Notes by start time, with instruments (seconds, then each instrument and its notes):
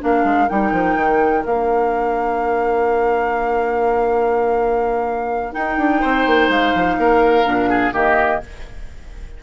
0.00 bassoon A#3, clarinet D4, oboe A#4, flute F5
0.24 bassoon G#3
0.49 bassoon G3, clarinet D#4, flute G5
0.72 bassoon F3
0.95 bassoon D#3
1.45 bassoon A#3, clarinet D4, flute F5
5.52 clarinet D#4, bassoon D#4, flute G5
5.77 bassoon D4
6.01 bassoon C4, oboe C5
6.26 bassoon A#3
6.49 bassoon G#3, flute F5
6.75 bassoon F3
6.98 bassoon A#3, oboe A#4
7.45 bassoon A#2, clarinet D4
7.69 oboe G#4
7.92 bassoon D#3, clarinet A#3, oboe G4, flute D#5